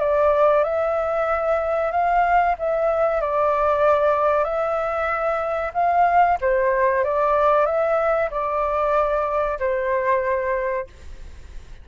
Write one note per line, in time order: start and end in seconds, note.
0.00 0.64 D5
0.64 1.91 E5
1.91 2.55 F5
2.59 3.21 E5
3.21 4.44 D5
4.44 5.72 E5
5.74 6.38 F5
6.41 7.04 C5
7.04 7.66 D5
7.66 8.29 E5
8.31 9.58 D5
9.59 10.87 C5